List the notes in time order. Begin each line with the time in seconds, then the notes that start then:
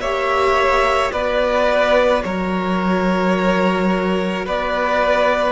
0.00 A#3 G4 C#5 E5
1.12 B3 F#4 B4 D5
2.23 F#3 A#4 C#5
4.45 B3 B4 D5